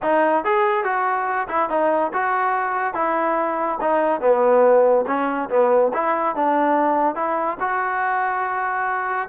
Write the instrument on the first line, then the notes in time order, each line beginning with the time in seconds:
trombone
0.02 D#4
0.44 G#4
0.84 F#4
1.48 E4
1.69 D#4
2.13 F#4
2.94 E4
3.80 D#4
4.20 B3
5.06 C#4
5.49 B3
5.93 E4
6.35 D4
7.15 E4
7.59 F#4